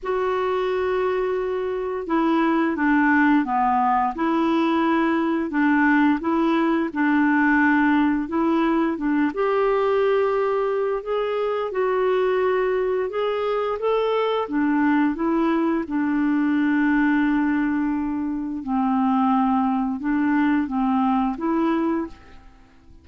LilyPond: \new Staff \with { instrumentName = "clarinet" } { \time 4/4 \tempo 4 = 87 fis'2. e'4 | d'4 b4 e'2 | d'4 e'4 d'2 | e'4 d'8 g'2~ g'8 |
gis'4 fis'2 gis'4 | a'4 d'4 e'4 d'4~ | d'2. c'4~ | c'4 d'4 c'4 e'4 | }